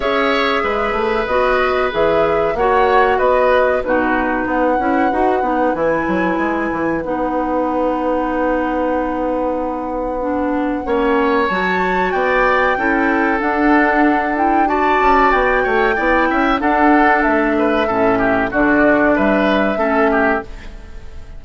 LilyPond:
<<
  \new Staff \with { instrumentName = "flute" } { \time 4/4 \tempo 4 = 94 e''2 dis''4 e''4 | fis''4 dis''4 b'4 fis''4~ | fis''4 gis''2 fis''4~ | fis''1~ |
fis''2 a''4 g''4~ | g''4 fis''4. g''8 a''4 | g''2 fis''4 e''4~ | e''4 d''4 e''2 | }
  \new Staff \with { instrumentName = "oboe" } { \time 4/4 cis''4 b'2. | cis''4 b'4 fis'4 b'4~ | b'1~ | b'1~ |
b'4 cis''2 d''4 | a'2. d''4~ | d''8 cis''8 d''8 e''8 a'4. b'8 | a'8 g'8 fis'4 b'4 a'8 g'8 | }
  \new Staff \with { instrumentName = "clarinet" } { \time 4/4 gis'2 fis'4 gis'4 | fis'2 dis'4. e'8 | fis'8 dis'8 e'2 dis'4~ | dis'1 |
d'4 cis'4 fis'2 | e'4 d'4. e'8 fis'4~ | fis'4 e'4 d'2 | cis'4 d'2 cis'4 | }
  \new Staff \with { instrumentName = "bassoon" } { \time 4/4 cis'4 gis8 a8 b4 e4 | ais4 b4 b,4 b8 cis'8 | dis'8 b8 e8 fis8 gis8 e8 b4~ | b1~ |
b4 ais4 fis4 b4 | cis'4 d'2~ d'8 cis'8 | b8 a8 b8 cis'8 d'4 a4 | a,4 d4 g4 a4 | }
>>